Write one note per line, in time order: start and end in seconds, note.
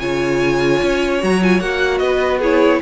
0.00 0.82 C#3
0.00 1.21 F4
0.00 2.02 C#5
0.00 1.21 G#5
0.83 1.23 C#4
1.21 1.60 F#3
1.21 1.41 F#4
1.21 1.43 A#5
1.43 1.61 F4
1.43 1.61 G#5
1.60 2.01 A#3
1.60 2.42 F#4
1.60 1.99 F#5
1.99 2.81 B3
1.99 2.40 B4
1.99 2.39 D#5
2.40 2.82 E4
2.40 2.80 G#4
2.40 2.82 C#5